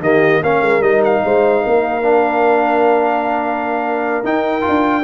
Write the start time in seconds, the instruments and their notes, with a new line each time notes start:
0.00 tuba D#3, trombone A#3, horn G4, trumpet D#5
0.43 tuba A#3, trombone C#4, horn A#4, trumpet F5
0.61 tuba G#3
0.81 tuba G3, trombone D#4, trumpet D#5
1.04 trumpet F5
1.24 tuba G#3, horn C5
1.63 tuba A#3, horn A#4
2.03 trombone D4
4.24 trombone D#4, tuba D#4, trumpet G5
4.61 trombone F4
4.68 tuba D4